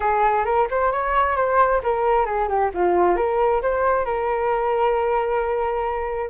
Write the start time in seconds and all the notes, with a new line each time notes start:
0.00 G#4
0.45 A#4
0.70 C5
0.92 C#5
1.36 C5
1.83 A#4
2.25 G#4
2.48 G4
2.74 F4
3.16 A#4
3.62 C5
4.05 A#4